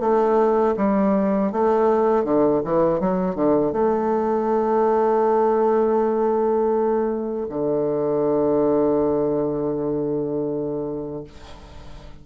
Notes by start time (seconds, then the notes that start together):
0.00 A3
0.77 G3
1.52 A3
2.24 D3
2.65 E3
3.00 F#3
3.35 D3
3.73 A3
7.49 D3